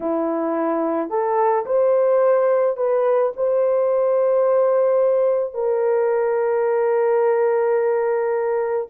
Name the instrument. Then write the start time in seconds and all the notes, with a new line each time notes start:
horn
0.00 E4
1.09 A4
1.65 C5
2.76 B4
3.36 C5
5.54 A#4